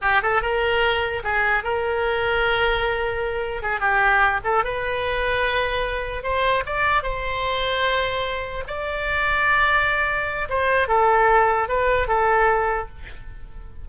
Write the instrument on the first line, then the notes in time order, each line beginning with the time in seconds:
oboe
0.01 G4
0.22 A4
0.42 A#4
1.23 G#4
1.63 A#4
3.62 G#4
3.80 G4
4.43 A4
4.64 B4
6.23 C5
6.66 D5
7.02 C5
8.67 D5
10.49 C5
10.87 A4
11.68 B4
12.07 A4